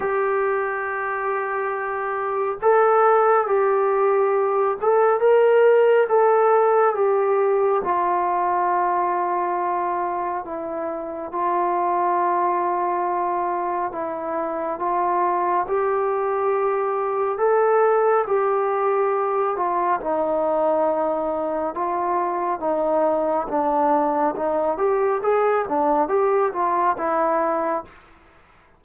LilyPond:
\new Staff \with { instrumentName = "trombone" } { \time 4/4 \tempo 4 = 69 g'2. a'4 | g'4. a'8 ais'4 a'4 | g'4 f'2. | e'4 f'2. |
e'4 f'4 g'2 | a'4 g'4. f'8 dis'4~ | dis'4 f'4 dis'4 d'4 | dis'8 g'8 gis'8 d'8 g'8 f'8 e'4 | }